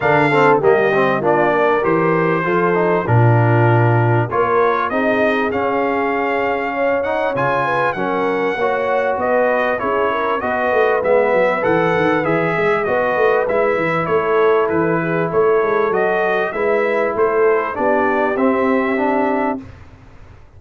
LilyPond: <<
  \new Staff \with { instrumentName = "trumpet" } { \time 4/4 \tempo 4 = 98 f''4 dis''4 d''4 c''4~ | c''4 ais'2 cis''4 | dis''4 f''2~ f''8 fis''8 | gis''4 fis''2 dis''4 |
cis''4 dis''4 e''4 fis''4 | e''4 dis''4 e''4 cis''4 | b'4 cis''4 dis''4 e''4 | c''4 d''4 e''2 | }
  \new Staff \with { instrumentName = "horn" } { \time 4/4 ais'8 a'8 g'4 f'8 ais'4. | a'4 f'2 ais'4 | gis'2. cis''4~ | cis''8 b'8 ais'4 cis''4 b'4 |
gis'8 ais'8 b'2.~ | b'8 e''8 b'2 a'4~ | a'8 gis'8 a'2 b'4 | a'4 g'2. | }
  \new Staff \with { instrumentName = "trombone" } { \time 4/4 d'8 c'8 ais8 c'8 d'4 g'4 | f'8 dis'8 d'2 f'4 | dis'4 cis'2~ cis'8 dis'8 | f'4 cis'4 fis'2 |
e'4 fis'4 b4 a'4 | gis'4 fis'4 e'2~ | e'2 fis'4 e'4~ | e'4 d'4 c'4 d'4 | }
  \new Staff \with { instrumentName = "tuba" } { \time 4/4 d4 g4 ais4 e4 | f4 ais,2 ais4 | c'4 cis'2. | cis4 fis4 ais4 b4 |
cis'4 b8 a8 gis8 fis8 e8 dis8 | e8 gis8 b8 a8 gis8 e8 a4 | e4 a8 gis8 fis4 gis4 | a4 b4 c'2 | }
>>